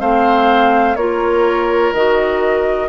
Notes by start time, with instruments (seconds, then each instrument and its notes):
0.00 bassoon A3, clarinet C4, oboe C5, flute F5
0.96 bassoon A#3, clarinet F4, oboe A#4, flute C#5
1.93 bassoon D#3, clarinet F#4, flute D#5